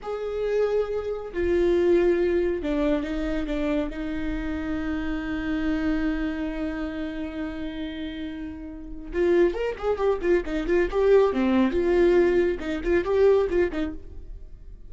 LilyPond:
\new Staff \with { instrumentName = "viola" } { \time 4/4 \tempo 4 = 138 gis'2. f'4~ | f'2 d'4 dis'4 | d'4 dis'2.~ | dis'1~ |
dis'1~ | dis'4 f'4 ais'8 gis'8 g'8 f'8 | dis'8 f'8 g'4 c'4 f'4~ | f'4 dis'8 f'8 g'4 f'8 dis'8 | }